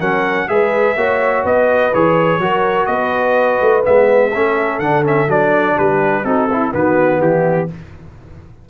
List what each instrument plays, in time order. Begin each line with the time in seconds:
0.00 tuba F#3, trombone C#4, horn A#4, trumpet F#5
0.49 tuba G#3, trombone G#4, horn B4, trumpet E5
0.97 tuba A#3, trombone F#4, horn C#5
1.45 tuba B3, horn B4, trumpet D#5
1.94 tuba E3, trombone G#4, trumpet C#5
2.38 tuba F#3, trombone F#4, horn A#4
2.87 tuba B3, horn B4, trumpet D#5
3.62 tuba A3
3.83 tuba G#3, trombone B3, trumpet E5
4.31 tuba A3, trombone C#4, horn A4
4.80 tuba D3, trombone D4, trumpet F#5
5.04 trombone C#4, trumpet E5
5.29 tuba F#3, trombone D4, trumpet D5
5.77 tuba G3, horn G4, trumpet B4
6.25 tuba C4, trombone D#4, horn F#4, trumpet A4
6.52 horn E4, trombone E4
6.72 tuba D#3, trombone B3, horn F#4, trumpet B4
7.21 tuba E3, horn E4, trumpet G4